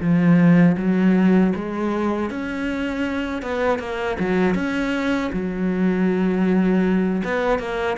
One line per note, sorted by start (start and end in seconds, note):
0.00 0.76 F3
0.77 1.53 F#3
1.55 2.30 G#3
2.30 3.42 C#4
3.42 3.79 B3
3.79 4.17 A#3
4.19 4.54 F#3
4.54 5.30 C#4
5.32 7.22 F#3
7.24 7.58 B3
7.58 7.96 A#3